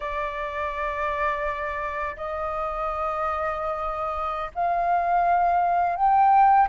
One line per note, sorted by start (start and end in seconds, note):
0.00 2.16 D5
2.16 4.51 D#5
4.54 5.95 F5
5.95 6.68 G5